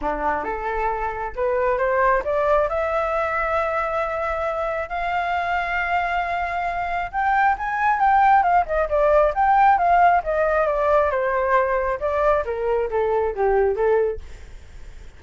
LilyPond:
\new Staff \with { instrumentName = "flute" } { \time 4/4 \tempo 4 = 135 d'4 a'2 b'4 | c''4 d''4 e''2~ | e''2. f''4~ | f''1 |
g''4 gis''4 g''4 f''8 dis''8 | d''4 g''4 f''4 dis''4 | d''4 c''2 d''4 | ais'4 a'4 g'4 a'4 | }